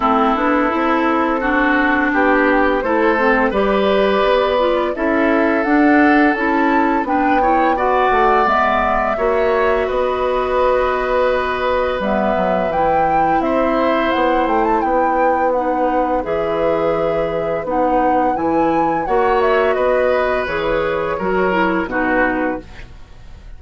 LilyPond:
<<
  \new Staff \with { instrumentName = "flute" } { \time 4/4 \tempo 4 = 85 a'2. g'4 | c''4 d''2 e''4 | fis''4 a''4 g''4 fis''4 | e''2 dis''2~ |
dis''4 e''4 g''4 e''4 | fis''8 g''16 a''16 g''4 fis''4 e''4~ | e''4 fis''4 gis''4 fis''8 e''8 | dis''4 cis''2 b'4 | }
  \new Staff \with { instrumentName = "oboe" } { \time 4/4 e'2 fis'4 g'4 | a'4 b'2 a'4~ | a'2 b'8 cis''8 d''4~ | d''4 cis''4 b'2~ |
b'2. c''4~ | c''4 b'2.~ | b'2. cis''4 | b'2 ais'4 fis'4 | }
  \new Staff \with { instrumentName = "clarinet" } { \time 4/4 c'8 d'8 e'4 d'2 | e'8 c'8 g'4. f'8 e'4 | d'4 e'4 d'8 e'8 fis'4 | b4 fis'2.~ |
fis'4 b4 e'2~ | e'2 dis'4 gis'4~ | gis'4 dis'4 e'4 fis'4~ | fis'4 gis'4 fis'8 e'8 dis'4 | }
  \new Staff \with { instrumentName = "bassoon" } { \time 4/4 a8 b8 c'2 b4 | a4 g4 b4 cis'4 | d'4 cis'4 b4. a8 | gis4 ais4 b2~ |
b4 g8 fis8 e4 c'4 | b8 a8 b2 e4~ | e4 b4 e4 ais4 | b4 e4 fis4 b,4 | }
>>